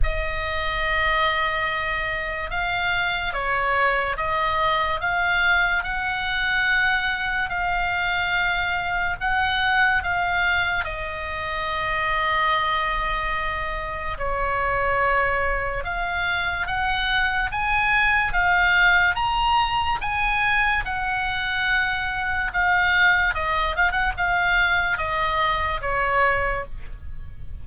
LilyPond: \new Staff \with { instrumentName = "oboe" } { \time 4/4 \tempo 4 = 72 dis''2. f''4 | cis''4 dis''4 f''4 fis''4~ | fis''4 f''2 fis''4 | f''4 dis''2.~ |
dis''4 cis''2 f''4 | fis''4 gis''4 f''4 ais''4 | gis''4 fis''2 f''4 | dis''8 f''16 fis''16 f''4 dis''4 cis''4 | }